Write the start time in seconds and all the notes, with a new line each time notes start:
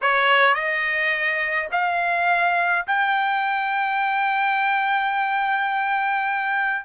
0.01 C#5
0.54 D#5
1.71 F5
2.86 G5